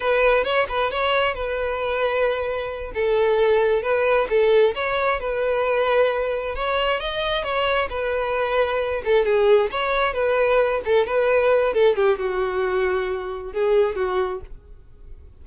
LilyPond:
\new Staff \with { instrumentName = "violin" } { \time 4/4 \tempo 4 = 133 b'4 cis''8 b'8 cis''4 b'4~ | b'2~ b'8 a'4.~ | a'8 b'4 a'4 cis''4 b'8~ | b'2~ b'8 cis''4 dis''8~ |
dis''8 cis''4 b'2~ b'8 | a'8 gis'4 cis''4 b'4. | a'8 b'4. a'8 g'8 fis'4~ | fis'2 gis'4 fis'4 | }